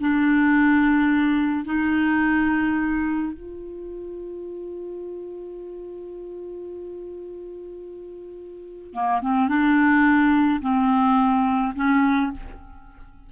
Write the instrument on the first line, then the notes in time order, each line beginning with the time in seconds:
clarinet
0.00 D4
1.65 D#4
3.33 F4
8.93 A#3
9.22 C4
9.48 D4
10.61 C4
11.75 C#4